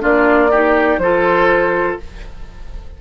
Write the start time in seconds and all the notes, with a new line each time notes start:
0.00 A#3 D4 F4 D5
0.51 D#4 G4
0.98 F3 F4 A4 C5